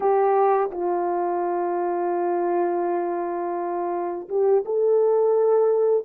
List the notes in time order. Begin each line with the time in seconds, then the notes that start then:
0.00 G4
0.71 F4
4.29 G4
4.65 A4